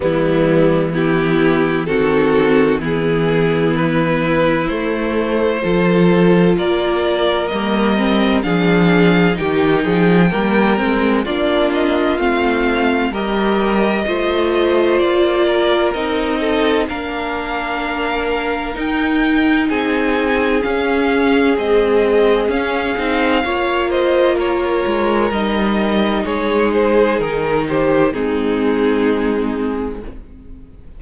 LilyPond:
<<
  \new Staff \with { instrumentName = "violin" } { \time 4/4 \tempo 4 = 64 e'4 g'4 a'4 gis'4 | b'4 c''2 d''4 | dis''4 f''4 g''2 | d''8 dis''8 f''4 dis''2 |
d''4 dis''4 f''2 | g''4 gis''4 f''4 dis''4 | f''4. dis''8 cis''4 dis''4 | cis''8 c''8 ais'8 c''8 gis'2 | }
  \new Staff \with { instrumentName = "violin" } { \time 4/4 b4 e'4 fis'4 e'4~ | e'2 a'4 ais'4~ | ais'4 gis'4 g'8 gis'8 ais'4 | f'2 ais'4 c''4~ |
c''8 ais'4 a'8 ais'2~ | ais'4 gis'2.~ | gis'4 cis''8 c''8 ais'2 | gis'4. g'8 dis'2 | }
  \new Staff \with { instrumentName = "viola" } { \time 4/4 g4 b4 c'4 b4~ | b4 a4 f'2 | ais8 c'8 d'4 dis'4 ais8 c'8 | d'4 c'4 g'4 f'4~ |
f'4 dis'4 d'2 | dis'2 cis'4 gis4 | cis'8 dis'8 f'2 dis'4~ | dis'2 c'2 | }
  \new Staff \with { instrumentName = "cello" } { \time 4/4 e2 dis4 e4~ | e4 a4 f4 ais4 | g4 f4 dis8 f8 g8 gis8 | ais4 a4 g4 a4 |
ais4 c'4 ais2 | dis'4 c'4 cis'4 c'4 | cis'8 c'8 ais4. gis8 g4 | gis4 dis4 gis2 | }
>>